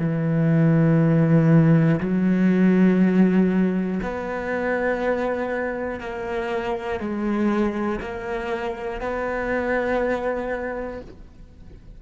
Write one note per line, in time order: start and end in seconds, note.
0.00 2.00 E3
2.00 4.00 F#3
4.03 6.00 B3
6.00 7.00 A#3
7.00 8.00 G#3
8.00 9.00 A#3
9.01 11.01 B3